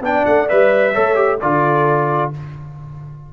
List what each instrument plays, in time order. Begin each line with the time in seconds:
0.00 tuba B3, trombone D4, horn D5, trumpet G5
0.25 tuba A3, trumpet F#5
0.48 tuba G3, trombone B4, trumpet E5
0.92 tuba A3, trombone A4, horn C#5
1.15 trombone G4
1.40 tuba D3, trombone F4, horn A4, trumpet D5